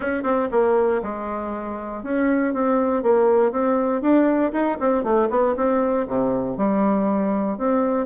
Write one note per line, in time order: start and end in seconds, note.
0.00 0.23 C#4
0.23 0.48 C4
0.51 1.01 A#3
1.02 2.03 G#3
2.03 2.53 C#4
2.53 3.02 C4
3.02 3.51 A#3
3.51 4.01 C4
4.01 4.51 D4
4.52 4.77 D#4
4.79 5.03 C4
5.03 5.28 A3
5.30 5.55 B3
5.56 6.06 C4
6.07 6.57 C3
6.57 7.58 G3
7.58 8.06 C4